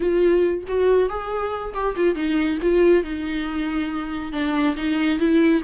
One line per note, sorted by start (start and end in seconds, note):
0.00 0.64 F4
0.67 1.09 F#4
1.09 1.73 G#4
1.74 1.95 G4
1.95 2.15 F4
2.15 2.58 D#4
2.61 3.03 F4
3.03 4.32 D#4
4.32 4.75 D4
4.76 5.19 D#4
5.19 5.62 E4